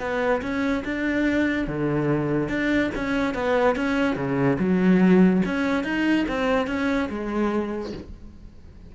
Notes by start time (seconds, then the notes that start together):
0.00 B3
0.42 C#4
0.85 D4
1.68 D3
2.49 D4
2.95 C#4
3.34 B3
3.76 C#4
4.16 C#3
4.59 F#3
5.46 C#4
5.84 D#4
6.29 C4
6.67 C#4
7.10 G#3